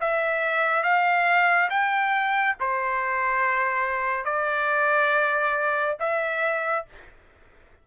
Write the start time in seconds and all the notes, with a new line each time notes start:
0.00 E5
0.83 F5
1.69 G5
2.60 C5
4.25 D5
5.99 E5